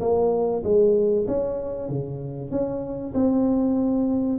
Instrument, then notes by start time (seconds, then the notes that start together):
tuba
0.00 A#3
0.63 G#3
1.27 C#4
1.89 C#3
2.51 C#4
3.14 C4